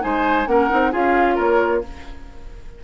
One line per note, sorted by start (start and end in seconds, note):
0.00 0.46 G#3
0.00 0.45 D#4
0.00 0.48 C5
0.00 0.47 G#5
0.46 0.69 A#3
0.46 0.69 C#4
0.46 0.91 A#4
0.46 0.93 F#5
0.69 0.93 C4
0.69 0.92 D#4
0.91 1.38 C#4
0.91 1.83 F4
0.91 1.35 G#4
0.91 1.38 F5
1.35 1.83 A#3
1.35 1.80 A#4
1.35 1.83 C#5